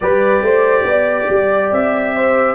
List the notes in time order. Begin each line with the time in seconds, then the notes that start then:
0.00 G3 G4 B4 D5
0.42 A3 C5
0.83 B3 D5
1.29 G3
1.71 C4 E5
2.15 C5